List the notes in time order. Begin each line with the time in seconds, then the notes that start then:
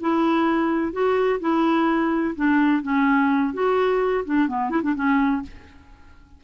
0.00 E4
0.92 F#4
1.40 E4
2.35 D4
2.82 C#4
3.53 F#4
4.25 D4
4.48 B3
4.70 E4
4.83 D4
4.95 C#4